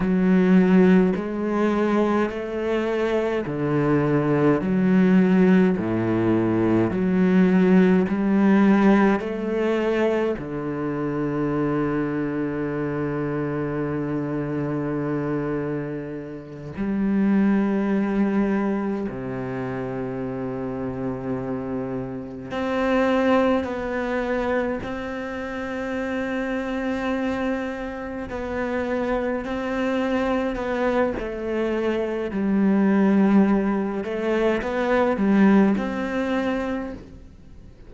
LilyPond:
\new Staff \with { instrumentName = "cello" } { \time 4/4 \tempo 4 = 52 fis4 gis4 a4 d4 | fis4 a,4 fis4 g4 | a4 d2.~ | d2~ d8 g4.~ |
g8 c2. c'8~ | c'8 b4 c'2~ c'8~ | c'8 b4 c'4 b8 a4 | g4. a8 b8 g8 c'4 | }